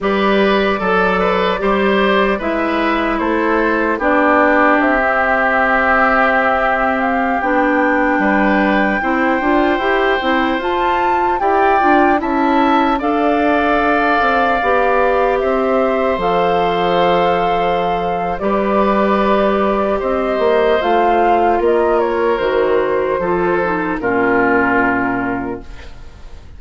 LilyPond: <<
  \new Staff \with { instrumentName = "flute" } { \time 4/4 \tempo 4 = 75 d''2. e''4 | c''4 d''4 e''2~ | e''8. f''8 g''2~ g''8.~ | g''4~ g''16 a''4 g''4 a''8.~ |
a''16 f''2. e''8.~ | e''16 f''2~ f''8. d''4~ | d''4 dis''4 f''4 dis''8 cis''8 | c''2 ais'2 | }
  \new Staff \with { instrumentName = "oboe" } { \time 4/4 b'4 a'8 b'8 c''4 b'4 | a'4 g'2.~ | g'2~ g'16 b'4 c''8.~ | c''2~ c''16 d''4 e''8.~ |
e''16 d''2. c''8.~ | c''2. b'4~ | b'4 c''2 ais'4~ | ais'4 a'4 f'2 | }
  \new Staff \with { instrumentName = "clarinet" } { \time 4/4 g'4 a'4 g'4 e'4~ | e'4 d'4~ d'16 c'4.~ c'16~ | c'4~ c'16 d'2 e'8 f'16~ | f'16 g'8 e'8 f'4 g'8 f'8 e'8.~ |
e'16 a'2 g'4.~ g'16~ | g'16 a'2~ a'8. g'4~ | g'2 f'2 | fis'4 f'8 dis'8 cis'2 | }
  \new Staff \with { instrumentName = "bassoon" } { \time 4/4 g4 fis4 g4 gis4 | a4 b4 c'2~ | c'4~ c'16 b4 g4 c'8 d'16~ | d'16 e'8 c'8 f'4 e'8 d'8 cis'8.~ |
cis'16 d'4. c'8 b4 c'8.~ | c'16 f2~ f8. g4~ | g4 c'8 ais8 a4 ais4 | dis4 f4 ais,2 | }
>>